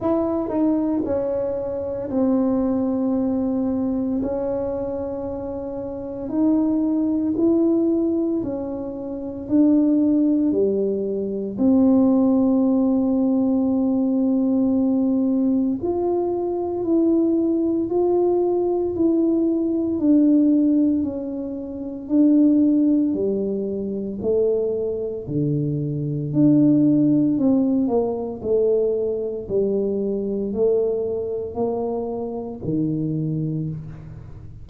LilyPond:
\new Staff \with { instrumentName = "tuba" } { \time 4/4 \tempo 4 = 57 e'8 dis'8 cis'4 c'2 | cis'2 dis'4 e'4 | cis'4 d'4 g4 c'4~ | c'2. f'4 |
e'4 f'4 e'4 d'4 | cis'4 d'4 g4 a4 | d4 d'4 c'8 ais8 a4 | g4 a4 ais4 dis4 | }